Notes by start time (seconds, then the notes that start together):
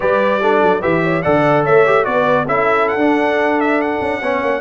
0.00 G3 G4 B4 D5
0.41 D4 A4
0.62 F#3
0.80 E3 G4 B4 E5
1.03 C#5
1.22 D3 A4 D5 F#5
1.64 A3 C#5 E5
1.86 G4
2.04 B3 F#4 B4 D5
2.46 C#4 E4 A4 E5
2.88 F#5
2.95 D4
3.60 E5
3.81 F#5
4.01 C#4
4.21 B3 C#4 C#5
4.42 A#3